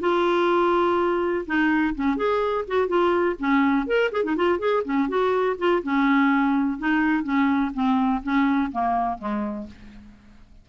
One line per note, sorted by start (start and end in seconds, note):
0.00 1.45 F4
1.46 1.95 D#4
1.95 2.17 C#4
2.17 2.65 G#4
2.67 2.88 F#4
2.88 3.36 F4
3.39 3.86 C#4
3.86 4.11 A#4
4.12 4.24 G#4
4.24 4.36 D#4
4.36 4.59 F4
4.59 4.83 G#4
4.85 5.08 C#4
5.08 5.57 F#4
5.58 5.82 F4
5.83 6.79 C#4
6.79 7.23 D#4
7.23 7.72 C#4
7.74 8.22 C4
8.23 8.71 C#4
8.72 9.18 A#3
9.18 9.67 G#3